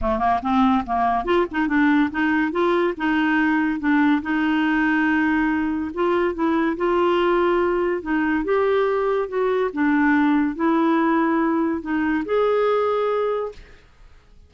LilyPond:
\new Staff \with { instrumentName = "clarinet" } { \time 4/4 \tempo 4 = 142 a8 ais8 c'4 ais4 f'8 dis'8 | d'4 dis'4 f'4 dis'4~ | dis'4 d'4 dis'2~ | dis'2 f'4 e'4 |
f'2. dis'4 | g'2 fis'4 d'4~ | d'4 e'2. | dis'4 gis'2. | }